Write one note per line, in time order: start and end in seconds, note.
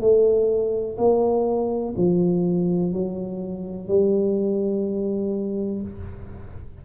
0.00 0.97 A3
0.97 1.94 A#3
1.97 2.93 F3
2.93 3.88 F#3
3.88 5.81 G3